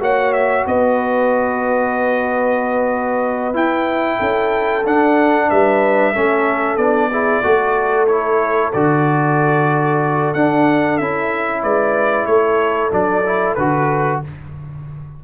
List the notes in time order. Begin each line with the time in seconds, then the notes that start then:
0.00 A#3 F#4 C#5 F#5
0.33 E5
0.67 B3 B4 D#5
3.54 E4 G5
4.19 C#4 A4
4.85 D4 F#5
5.49 G3 B4 E5
6.13 A3 C#4 A4
6.77 B3 D4 D5
7.10 E4 G#4
7.43 A3 F#4 A4
8.07 E4 C#5
8.73 D3 F#4 D5
10.34 D4 F#5
10.98 C#4 E4 E5
11.62 G#3 B4 D5
12.26 A3 A4 C#5
12.91 F#3 D4 D5
13.26 E4
13.55 D3 F#4 B4